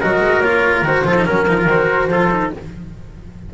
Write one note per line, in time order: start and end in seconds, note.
0.00 0.20 F#3
0.00 0.43 F#4
0.00 1.06 A#4
0.00 0.40 D#5
0.20 0.41 G#3
0.40 0.82 A#3
0.40 0.85 F4
0.40 0.82 C#5
0.82 1.03 D#3
0.82 1.04 F#4
0.82 1.26 C5
1.04 1.26 F3
1.04 1.15 F4
1.04 1.26 A4
1.15 1.26 D#4
1.26 1.46 F#3
1.26 1.47 C#4
1.26 2.10 A#4
1.26 1.68 A#4
1.46 1.65 F3
1.46 1.58 D#4
1.58 1.68 F4
1.65 2.07 D#3
1.65 2.10 F#4
1.65 2.53 C5
2.07 2.50 F3
2.07 2.31 F4
2.07 2.53 A4
2.31 2.52 D#4